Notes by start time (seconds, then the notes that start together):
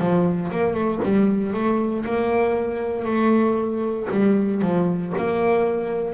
0.00 F3
0.52 A#3
0.74 A3
1.04 G3
1.54 A3
2.05 A#3
3.06 A3
4.11 G3
4.62 F3
5.18 A#3